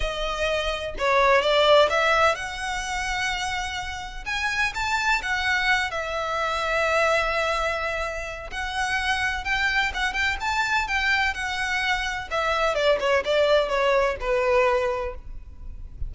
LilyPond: \new Staff \with { instrumentName = "violin" } { \time 4/4 \tempo 4 = 127 dis''2 cis''4 d''4 | e''4 fis''2.~ | fis''4 gis''4 a''4 fis''4~ | fis''8 e''2.~ e''8~ |
e''2 fis''2 | g''4 fis''8 g''8 a''4 g''4 | fis''2 e''4 d''8 cis''8 | d''4 cis''4 b'2 | }